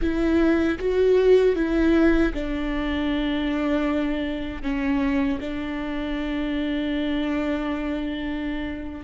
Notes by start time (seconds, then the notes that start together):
0.01 E4
0.79 F#4
1.55 E4
2.33 D4
4.62 C#4
5.40 D4